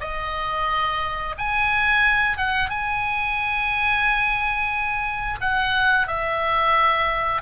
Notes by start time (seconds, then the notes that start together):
0.00 D#5
1.38 G#5
2.37 F#5
2.69 G#5
5.41 F#5
6.07 E5